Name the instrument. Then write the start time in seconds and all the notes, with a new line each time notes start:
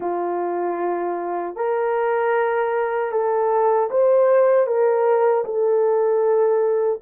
horn
0.00 F4
1.55 A#4
3.11 A4
3.90 C5
4.66 A#4
5.44 A4